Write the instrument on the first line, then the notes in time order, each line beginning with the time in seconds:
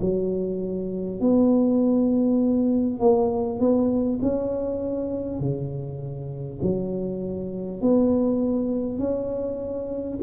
tuba
0.00 F#3
1.20 B3
2.99 A#3
3.59 B3
4.22 C#4
5.39 C#3
6.62 F#3
7.81 B3
8.98 C#4